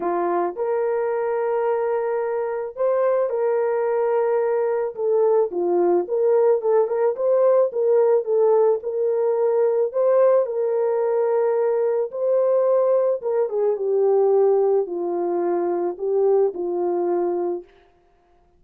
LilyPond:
\new Staff \with { instrumentName = "horn" } { \time 4/4 \tempo 4 = 109 f'4 ais'2.~ | ais'4 c''4 ais'2~ | ais'4 a'4 f'4 ais'4 | a'8 ais'8 c''4 ais'4 a'4 |
ais'2 c''4 ais'4~ | ais'2 c''2 | ais'8 gis'8 g'2 f'4~ | f'4 g'4 f'2 | }